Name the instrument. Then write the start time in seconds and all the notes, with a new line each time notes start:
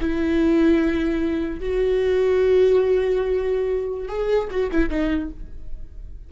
viola
0.00 E4
1.60 F#4
4.08 G#4
4.50 F#4
4.71 E4
4.89 D#4